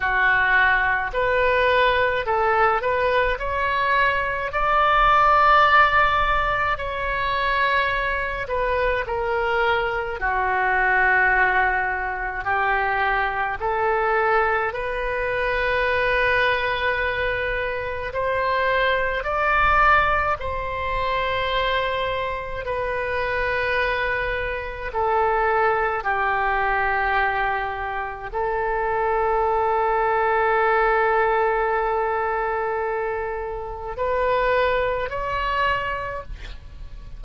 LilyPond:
\new Staff \with { instrumentName = "oboe" } { \time 4/4 \tempo 4 = 53 fis'4 b'4 a'8 b'8 cis''4 | d''2 cis''4. b'8 | ais'4 fis'2 g'4 | a'4 b'2. |
c''4 d''4 c''2 | b'2 a'4 g'4~ | g'4 a'2.~ | a'2 b'4 cis''4 | }